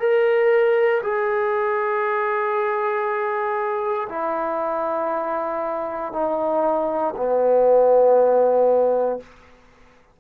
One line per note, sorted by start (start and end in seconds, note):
0.00 1.02 A#4
1.03 4.08 G#4
4.10 6.13 E4
6.13 7.15 D#4
7.17 9.20 B3